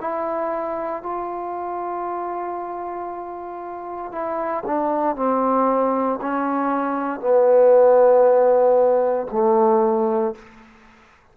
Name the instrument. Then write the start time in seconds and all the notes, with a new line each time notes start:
trombone
0.00 E4
1.03 F4
4.12 E4
4.66 D4
5.16 C4
6.21 C#4
7.20 B3
9.31 A3